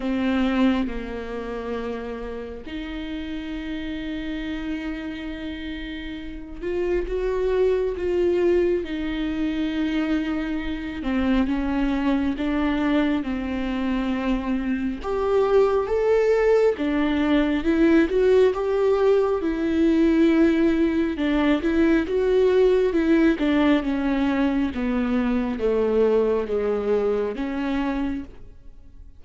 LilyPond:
\new Staff \with { instrumentName = "viola" } { \time 4/4 \tempo 4 = 68 c'4 ais2 dis'4~ | dis'2.~ dis'8 f'8 | fis'4 f'4 dis'2~ | dis'8 c'8 cis'4 d'4 c'4~ |
c'4 g'4 a'4 d'4 | e'8 fis'8 g'4 e'2 | d'8 e'8 fis'4 e'8 d'8 cis'4 | b4 a4 gis4 cis'4 | }